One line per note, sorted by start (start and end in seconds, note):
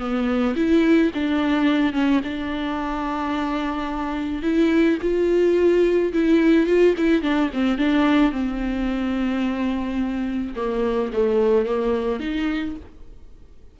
0.00 0.56 B3
0.56 1.12 E4
1.14 1.93 D4
1.93 2.21 C#4
2.24 4.43 D4
4.43 4.99 E4
5.02 6.13 F4
6.13 6.67 E4
6.67 6.95 F4
6.98 7.22 E4
7.22 7.50 D4
7.54 7.79 C4
7.79 8.32 D4
8.32 10.55 C4
10.56 11.12 A#3
11.13 11.66 A3
11.66 12.20 A#3
12.20 12.76 D#4